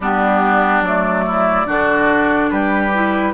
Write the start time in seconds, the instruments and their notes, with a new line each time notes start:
0.00 bassoon G3, clarinet B3, oboe D4, flute G4
0.81 bassoon F#3, clarinet A3, flute D5
1.26 oboe E4
1.65 bassoon D3, clarinet D4, oboe F#4
2.50 bassoon G3, oboe G4, flute B4
2.94 clarinet E4